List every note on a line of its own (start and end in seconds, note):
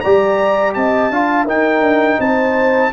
0.00 0.75 G3
0.00 1.12 G4
0.00 0.75 D5
0.00 0.72 A#5
0.74 1.10 C4
0.74 1.12 D#5
0.74 1.46 A5
1.10 1.46 D4
1.10 1.47 F4
1.10 1.45 F5
1.45 1.81 D#4
1.45 2.92 D#4
1.45 2.17 A#4
1.45 2.21 G5
1.81 2.17 D4
2.19 2.92 C4
2.19 2.92 C5
2.19 2.92 A5